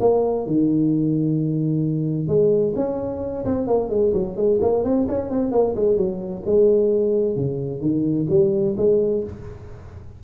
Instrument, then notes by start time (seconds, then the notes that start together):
tuba
0.00 A#3
0.46 D#3
2.27 G#3
2.76 C#4
3.45 C4
3.67 A#3
3.89 G#3
4.13 F#3
4.36 G#3
4.61 A#3
4.84 C4
5.08 C#4
5.30 C4
5.52 A#3
5.76 G#3
5.97 F#3
6.45 G#3
7.36 C#3
7.80 D#3
8.30 G3
8.77 G#3